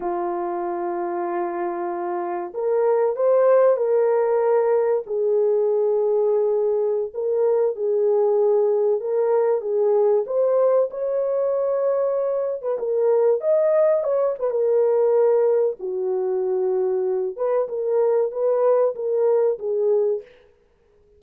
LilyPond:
\new Staff \with { instrumentName = "horn" } { \time 4/4 \tempo 4 = 95 f'1 | ais'4 c''4 ais'2 | gis'2.~ gis'16 ais'8.~ | ais'16 gis'2 ais'4 gis'8.~ |
gis'16 c''4 cis''2~ cis''8. | b'16 ais'4 dis''4 cis''8 b'16 ais'4~ | ais'4 fis'2~ fis'8 b'8 | ais'4 b'4 ais'4 gis'4 | }